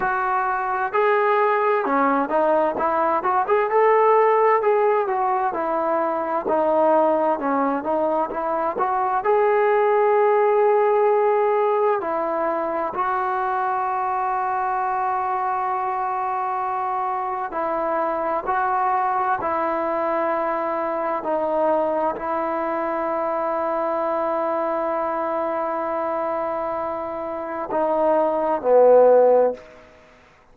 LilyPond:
\new Staff \with { instrumentName = "trombone" } { \time 4/4 \tempo 4 = 65 fis'4 gis'4 cis'8 dis'8 e'8 fis'16 gis'16 | a'4 gis'8 fis'8 e'4 dis'4 | cis'8 dis'8 e'8 fis'8 gis'2~ | gis'4 e'4 fis'2~ |
fis'2. e'4 | fis'4 e'2 dis'4 | e'1~ | e'2 dis'4 b4 | }